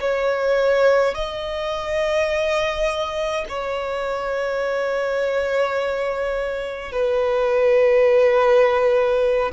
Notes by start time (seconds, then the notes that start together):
0.00 C#5
1.14 D#5
3.49 C#5
6.92 B4